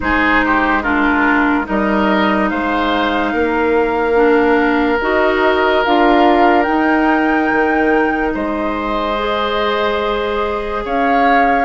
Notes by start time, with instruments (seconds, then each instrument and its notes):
0.00 bassoon G#3, clarinet D#4, oboe G#4, flute C5
0.45 oboe G4
0.82 clarinet D4, oboe F4, flute A#4
1.64 bassoon G3, clarinet D#4, oboe A#4, flute D#5
2.49 bassoon G#3, oboe C5, flute F5
3.33 bassoon A#3, oboe A#4
4.14 clarinet D4
5.00 bassoon D#4, clarinet F#4, flute D#5
5.84 bassoon D4, clarinet F4, flute F5
6.62 clarinet D#4, bassoon D#4, flute G5
7.51 bassoon D#3
8.34 bassoon G#3, oboe C5, flute D#5
9.18 clarinet G#4
10.84 bassoon C#4, oboe C#5, flute F5